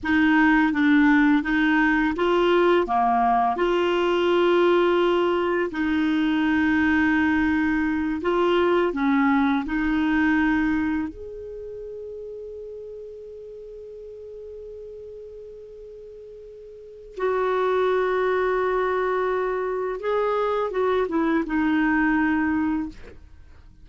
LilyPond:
\new Staff \with { instrumentName = "clarinet" } { \time 4/4 \tempo 4 = 84 dis'4 d'4 dis'4 f'4 | ais4 f'2. | dis'2.~ dis'8 f'8~ | f'8 cis'4 dis'2 gis'8~ |
gis'1~ | gis'1 | fis'1 | gis'4 fis'8 e'8 dis'2 | }